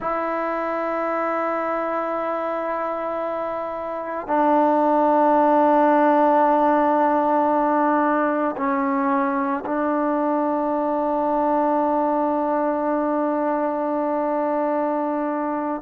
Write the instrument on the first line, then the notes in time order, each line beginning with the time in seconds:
trombone
0.00 E4
4.27 D4
8.57 C#4
9.65 D4